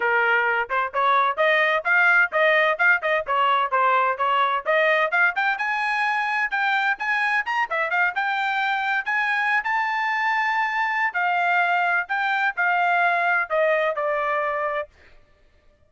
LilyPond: \new Staff \with { instrumentName = "trumpet" } { \time 4/4 \tempo 4 = 129 ais'4. c''8 cis''4 dis''4 | f''4 dis''4 f''8 dis''8 cis''4 | c''4 cis''4 dis''4 f''8 g''8 | gis''2 g''4 gis''4 |
ais''8 e''8 f''8 g''2 gis''8~ | gis''8. a''2.~ a''16 | f''2 g''4 f''4~ | f''4 dis''4 d''2 | }